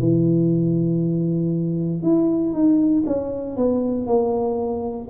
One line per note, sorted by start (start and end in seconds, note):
0.00 2.02 E3
2.02 2.53 E4
2.53 3.04 D#4
3.06 3.56 C#4
3.56 4.06 B3
4.06 5.08 A#3